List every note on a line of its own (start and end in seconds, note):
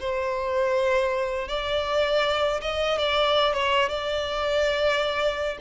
0.00 1.49 C5
1.49 2.61 D5
2.61 2.98 D#5
2.98 3.54 D5
3.54 3.89 C#5
3.89 5.58 D5